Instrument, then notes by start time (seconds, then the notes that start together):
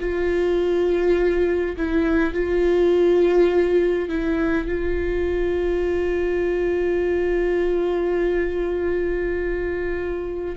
viola
0.00 F4
1.77 E4
2.34 F4
4.09 E4
4.68 F4